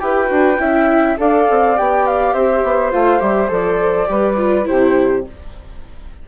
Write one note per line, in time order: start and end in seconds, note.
0.00 0.30 E4
0.00 0.27 G4
0.00 0.61 B4
0.00 1.17 G5
0.27 0.59 D4
0.27 0.56 F#4
0.59 1.17 C#4
0.59 1.18 E4
0.59 1.19 E5
1.18 1.49 D4
1.18 1.76 A4
1.18 2.34 D5
1.18 1.78 F5
1.50 1.79 C4
1.76 2.34 B3
1.76 2.92 G4
1.76 2.07 G5
2.07 2.33 F5
2.33 2.63 C4
2.33 4.09 C5
2.33 2.92 E5
2.64 2.93 B3
2.92 3.21 A3
2.92 3.20 F4
2.92 3.21 F5
3.20 3.50 G3
3.20 3.49 G4
3.20 3.51 E5
3.49 4.08 F3
3.49 4.06 A4
3.49 4.67 D5
4.06 4.68 G3
4.06 4.35 G4
4.06 4.68 B4
4.37 4.65 F4
4.65 5.28 C3
4.65 5.23 E4
4.65 5.27 G4
4.65 5.25 C5